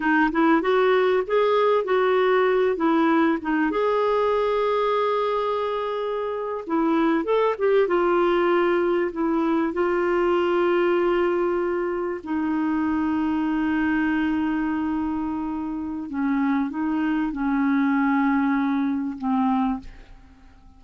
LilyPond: \new Staff \with { instrumentName = "clarinet" } { \time 4/4 \tempo 4 = 97 dis'8 e'8 fis'4 gis'4 fis'4~ | fis'8 e'4 dis'8 gis'2~ | gis'2~ gis'8. e'4 a'16~ | a'16 g'8 f'2 e'4 f'16~ |
f'2.~ f'8. dis'16~ | dis'1~ | dis'2 cis'4 dis'4 | cis'2. c'4 | }